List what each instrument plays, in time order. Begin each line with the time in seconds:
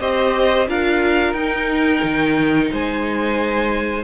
0.00 cello C4, viola G4, violin C5 D#5
0.67 cello D4, viola F4, violin A#4 F5
1.33 cello D#4, viola D#4, violin G5
2.03 cello D#3
2.71 cello G#3, violin C5 G#5